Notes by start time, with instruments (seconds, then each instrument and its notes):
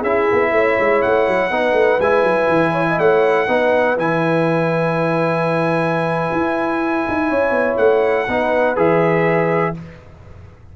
0.00 tuba C#4, trombone E4, horn G#4, trumpet E5
0.32 tuba B3
0.52 tuba A3, horn C#5
0.80 tuba G#3
1.02 tuba A3, trumpet F#5
1.27 tuba F#3
1.50 tuba B3, trombone D#4, horn B4
1.73 tuba A3
1.99 tuba G#3, trombone E4, trumpet G#5
2.23 tuba F#3
2.48 tuba E3
2.72 horn C#5
2.88 horn D#5
2.99 tuba A3, horn C#5, trumpet F#5
3.48 tuba B3, trombone D#4, horn B4
3.97 tuba E3, trombone E4, trumpet G#5
6.32 tuba E4
7.08 tuba D#4
7.29 tuba C#4, horn C#5
7.51 tuba B3
7.78 tuba A3, trumpet F#5
8.27 tuba B3, trombone D#4, horn B4
8.76 tuba E3, trombone G#4, trumpet E5